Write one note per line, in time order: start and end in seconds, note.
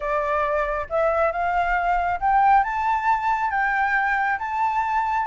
0.00 0.86 D5
0.89 1.32 E5
1.32 2.19 F5
2.20 2.63 G5
2.63 3.50 A5
3.50 4.38 G5
4.38 5.26 A5